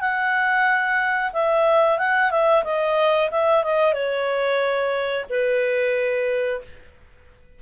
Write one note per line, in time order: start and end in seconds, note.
0.00 1.32 F#5
1.32 1.98 E5
1.98 2.30 F#5
2.30 2.63 E5
2.64 3.30 D#5
3.30 3.63 E5
3.63 3.93 D#5
3.93 5.25 C#5
5.30 6.61 B4